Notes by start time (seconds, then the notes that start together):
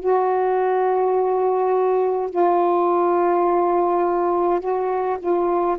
0.00 F#4
2.31 F4
4.60 F#4
5.20 F4